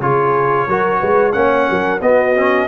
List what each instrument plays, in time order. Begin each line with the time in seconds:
0.00 tuba C#3, trombone F4, horn G#4, trumpet C#5
0.68 tuba F#3, trombone F#4, horn A#4
0.99 tuba G#3, horn B4
1.32 tuba A#3, trombone C#4, horn C#5, trumpet F#5
1.69 tuba F#3, horn A#4
2.01 tuba B3, trombone B3, horn F#4, trumpet D#5
2.36 trombone C#4